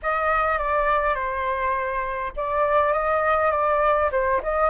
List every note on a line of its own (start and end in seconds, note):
0.02 0.58 D#5
0.58 1.14 D5
1.14 2.32 C5
2.36 2.93 D5
2.93 3.51 D#5
3.51 4.10 D5
4.11 4.41 C5
4.42 4.69 D#5